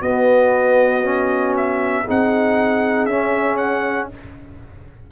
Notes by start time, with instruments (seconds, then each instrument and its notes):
0.00 tuba B3, trombone B3, horn F#4, trumpet D#5
1.03 trombone C#4
1.56 trumpet E5
2.05 tuba C4, trombone D#4, horn G#4, trumpet F#5
3.06 tuba C#4, trombone C#4, trumpet E5
3.57 trumpet F#5